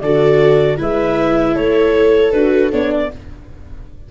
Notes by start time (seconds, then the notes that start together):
0.00 D3 F#4 A4 D5
0.76 G#3 E4 B4 E5
1.54 A3 A4 C#5
2.31 D4 F#4 B4
2.71 B3 D4 C#5
2.92 D5